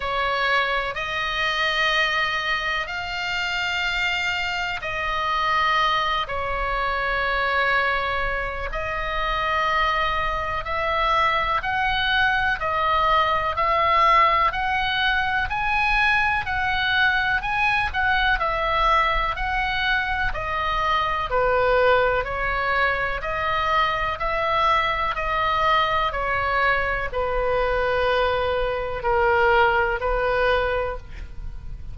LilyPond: \new Staff \with { instrumentName = "oboe" } { \time 4/4 \tempo 4 = 62 cis''4 dis''2 f''4~ | f''4 dis''4. cis''4.~ | cis''4 dis''2 e''4 | fis''4 dis''4 e''4 fis''4 |
gis''4 fis''4 gis''8 fis''8 e''4 | fis''4 dis''4 b'4 cis''4 | dis''4 e''4 dis''4 cis''4 | b'2 ais'4 b'4 | }